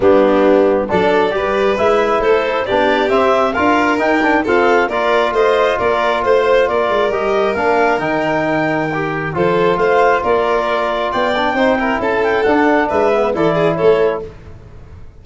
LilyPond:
<<
  \new Staff \with { instrumentName = "clarinet" } { \time 4/4 \tempo 4 = 135 g'2 d''2 | e''4 c''4 d''4 e''4 | f''4 g''4 f''4 d''4 | dis''4 d''4 c''4 d''4 |
dis''4 f''4 g''2~ | g''4 c''4 f''4 d''4~ | d''4 g''2 a''8 g''8 | fis''4 e''4 d''4 cis''4 | }
  \new Staff \with { instrumentName = "violin" } { \time 4/4 d'2 a'4 b'4~ | b'4 a'4 g'2 | ais'2 a'4 ais'4 | c''4 ais'4 c''4 ais'4~ |
ais'1~ | ais'4 a'4 c''4 ais'4~ | ais'4 d''4 c''8 ais'8 a'4~ | a'4 b'4 a'8 gis'8 a'4 | }
  \new Staff \with { instrumentName = "trombone" } { \time 4/4 b2 d'4 g'4 | e'2 d'4 c'4 | f'4 dis'8 d'8 c'4 f'4~ | f'1 |
g'4 d'4 dis'2 | g'4 f'2.~ | f'4. d'8 dis'8 e'4. | d'4. b8 e'2 | }
  \new Staff \with { instrumentName = "tuba" } { \time 4/4 g2 fis4 g4 | gis4 a4 b4 c'4 | d'4 dis'4 f'4 ais4 | a4 ais4 a4 ais8 gis8 |
g4 ais4 dis2~ | dis4 f4 a4 ais4~ | ais4 b4 c'4 cis'4 | d'4 gis4 e4 a4 | }
>>